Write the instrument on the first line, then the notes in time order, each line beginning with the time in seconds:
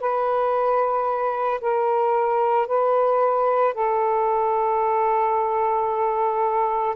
saxophone
0.00 B4
1.61 A#4
2.67 B4
3.74 A4